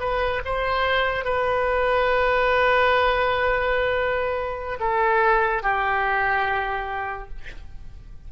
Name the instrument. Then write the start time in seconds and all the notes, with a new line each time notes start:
oboe
0.00 B4
0.45 C5
1.25 B4
4.80 A4
5.63 G4